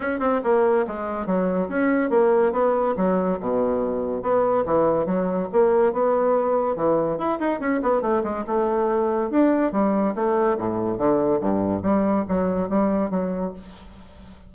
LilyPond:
\new Staff \with { instrumentName = "bassoon" } { \time 4/4 \tempo 4 = 142 cis'8 c'8 ais4 gis4 fis4 | cis'4 ais4 b4 fis4 | b,2 b4 e4 | fis4 ais4 b2 |
e4 e'8 dis'8 cis'8 b8 a8 gis8 | a2 d'4 g4 | a4 a,4 d4 g,4 | g4 fis4 g4 fis4 | }